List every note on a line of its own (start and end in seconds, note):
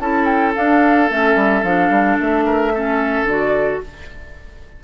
0.00 0.55 C#4
0.00 0.55 E4
0.00 2.45 A4
0.00 0.25 A5
0.25 0.53 G5
0.55 1.09 D4
0.55 1.10 D4
0.55 1.10 F5
1.09 1.35 A3
1.09 1.64 C#4
1.09 1.63 E5
1.35 1.63 G3
1.63 1.90 F3
1.63 2.74 D4
1.63 2.18 F5
1.90 2.17 G3
2.20 3.23 A3
2.20 3.26 E5
2.45 2.72 A#4
2.74 3.29 C#4
2.74 3.84 A4
3.23 3.77 D3
3.23 3.80 D5
3.29 3.83 F#4